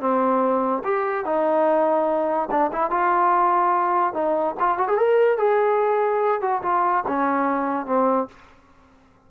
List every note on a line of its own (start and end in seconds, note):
0.00 0.83 C4
0.84 1.25 G4
1.25 2.49 D#4
2.51 2.71 D4
2.73 2.90 E4
2.90 4.14 F4
4.14 4.55 D#4
4.59 4.78 F4
4.78 4.88 F#4
4.88 4.98 G#4
4.98 5.38 A#4
5.38 6.41 G#4
6.41 6.62 F#4
6.62 7.04 F4
7.08 7.86 C#4
7.86 8.28 C4